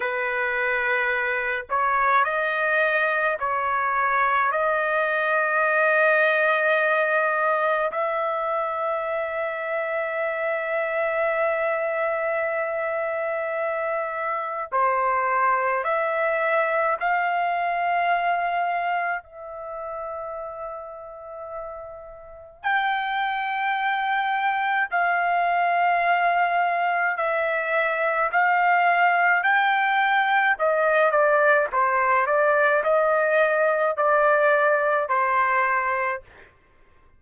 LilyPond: \new Staff \with { instrumentName = "trumpet" } { \time 4/4 \tempo 4 = 53 b'4. cis''8 dis''4 cis''4 | dis''2. e''4~ | e''1~ | e''4 c''4 e''4 f''4~ |
f''4 e''2. | g''2 f''2 | e''4 f''4 g''4 dis''8 d''8 | c''8 d''8 dis''4 d''4 c''4 | }